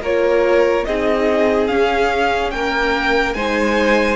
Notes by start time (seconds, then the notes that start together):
0.00 A#3 F4 A#4 C#5
0.84 C4 D#4 G#4 D#5
1.67 C#4 F5
2.50 A#3 A#4 G5
3.33 G#3 D#4 C5 G#5